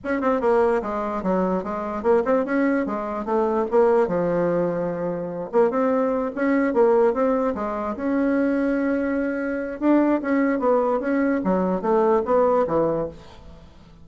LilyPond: \new Staff \with { instrumentName = "bassoon" } { \time 4/4 \tempo 4 = 147 cis'8 c'8 ais4 gis4 fis4 | gis4 ais8 c'8 cis'4 gis4 | a4 ais4 f2~ | f4. ais8 c'4. cis'8~ |
cis'8 ais4 c'4 gis4 cis'8~ | cis'1 | d'4 cis'4 b4 cis'4 | fis4 a4 b4 e4 | }